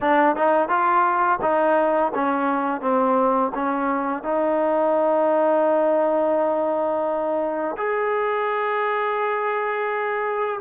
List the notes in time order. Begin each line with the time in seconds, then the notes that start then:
0.00 D4
0.36 D#4
0.68 F4
1.41 D#4
2.14 C#4
2.81 C4
3.54 C#4
4.23 D#4
7.77 G#4